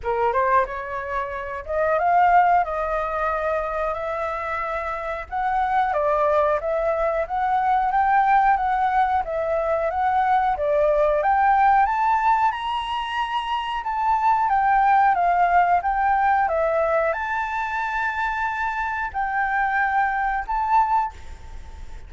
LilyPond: \new Staff \with { instrumentName = "flute" } { \time 4/4 \tempo 4 = 91 ais'8 c''8 cis''4. dis''8 f''4 | dis''2 e''2 | fis''4 d''4 e''4 fis''4 | g''4 fis''4 e''4 fis''4 |
d''4 g''4 a''4 ais''4~ | ais''4 a''4 g''4 f''4 | g''4 e''4 a''2~ | a''4 g''2 a''4 | }